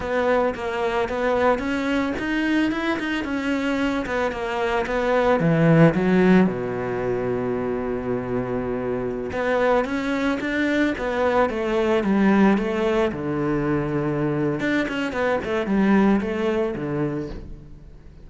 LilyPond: \new Staff \with { instrumentName = "cello" } { \time 4/4 \tempo 4 = 111 b4 ais4 b4 cis'4 | dis'4 e'8 dis'8 cis'4. b8 | ais4 b4 e4 fis4 | b,1~ |
b,4~ b,16 b4 cis'4 d'8.~ | d'16 b4 a4 g4 a8.~ | a16 d2~ d8. d'8 cis'8 | b8 a8 g4 a4 d4 | }